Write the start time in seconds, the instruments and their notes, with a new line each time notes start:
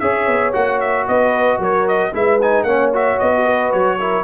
0.00 tuba C#4, trombone G#4, horn C#5, trumpet E5
0.28 tuba B3
0.53 tuba A#3, trombone F#4, trumpet F#5
0.81 trumpet E5
1.08 tuba B3, horn B4, trumpet D#5
1.59 tuba F#3, horn A#4, trumpet C#5
1.88 trumpet D#5
2.13 tuba G#3, trombone E4, horn B4, trumpet E5
2.42 trombone D#4, trumpet G#5
2.63 tuba A#3, trombone C#4, horn C#5, trumpet F#5
2.93 trombone F#4, trumpet E5
3.20 tuba B3, trumpet D#5
3.36 horn F#4
3.45 horn B4
3.73 tuba F#3, trumpet C#5
4.00 trombone E4, horn A#4